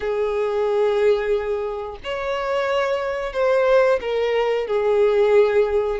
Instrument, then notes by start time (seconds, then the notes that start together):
violin
0.00 G#4
2.03 C#5
3.32 C5
4.01 A#4
4.67 G#4